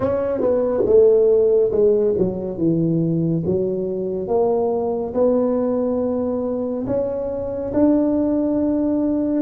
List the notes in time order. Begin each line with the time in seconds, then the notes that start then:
0.00 C#4
0.41 B3
0.85 A3
1.71 G#3
2.18 F#3
2.57 E3
3.45 F#3
4.27 A#3
5.14 B3
6.86 C#4
7.73 D4